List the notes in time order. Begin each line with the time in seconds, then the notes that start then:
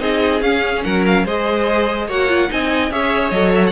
0.00 C4 D#4 G#4 D#5
0.41 C#4 F5
0.84 F#3 A#4 F#5
1.06 F5
1.25 G#3 G#4 C5 D#5
2.07 A#3 F#4 C#5 F#5
2.29 F4
2.49 C4 D#4 D#5 G#5
2.91 C#4 G#4 C#5 E5
3.31 F#3 A4 D#5
3.55 E5
3.67 F#5